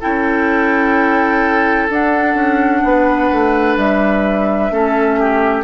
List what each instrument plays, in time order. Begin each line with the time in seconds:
0.00 bassoon C#4, clarinet E4, oboe A4, flute G5
1.89 bassoon D4, clarinet D4, flute F#5
2.34 bassoon C#4
2.83 bassoon B3, oboe B4
3.32 bassoon A3
3.77 bassoon G3, flute E5
4.70 bassoon A3, clarinet C#4, oboe A4
5.19 oboe G4